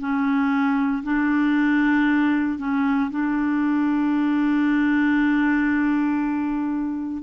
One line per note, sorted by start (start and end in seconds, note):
0.00 1.03 C#4
1.03 2.59 D4
2.59 3.10 C#4
3.11 7.23 D4